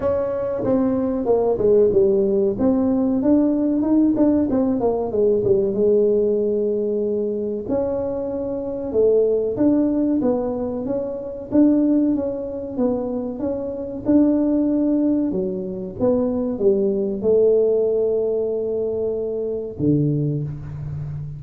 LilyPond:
\new Staff \with { instrumentName = "tuba" } { \time 4/4 \tempo 4 = 94 cis'4 c'4 ais8 gis8 g4 | c'4 d'4 dis'8 d'8 c'8 ais8 | gis8 g8 gis2. | cis'2 a4 d'4 |
b4 cis'4 d'4 cis'4 | b4 cis'4 d'2 | fis4 b4 g4 a4~ | a2. d4 | }